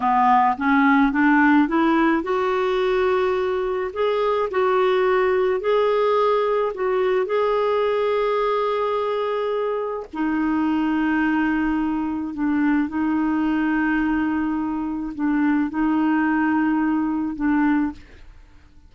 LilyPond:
\new Staff \with { instrumentName = "clarinet" } { \time 4/4 \tempo 4 = 107 b4 cis'4 d'4 e'4 | fis'2. gis'4 | fis'2 gis'2 | fis'4 gis'2.~ |
gis'2 dis'2~ | dis'2 d'4 dis'4~ | dis'2. d'4 | dis'2. d'4 | }